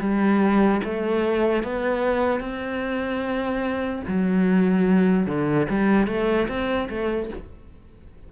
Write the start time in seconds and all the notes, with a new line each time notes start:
0.00 G3
0.84 A3
1.63 B3
2.40 C4
4.08 F#3
5.27 D3
5.70 G3
6.07 A3
6.48 C4
6.90 A3